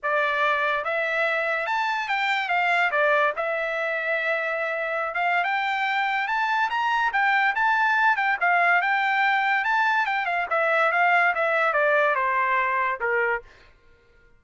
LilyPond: \new Staff \with { instrumentName = "trumpet" } { \time 4/4 \tempo 4 = 143 d''2 e''2 | a''4 g''4 f''4 d''4 | e''1~ | e''16 f''8. g''2 a''4 |
ais''4 g''4 a''4. g''8 | f''4 g''2 a''4 | g''8 f''8 e''4 f''4 e''4 | d''4 c''2 ais'4 | }